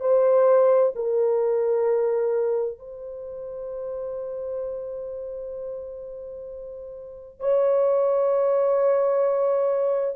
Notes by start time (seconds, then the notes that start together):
0.00 C5
0.95 A#4
2.78 C5
7.39 C#5